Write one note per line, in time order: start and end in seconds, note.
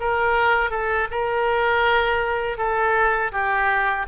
0.00 0.70 A#4
0.70 1.07 A4
1.11 2.58 A#4
2.58 3.32 A4
3.32 4.06 G4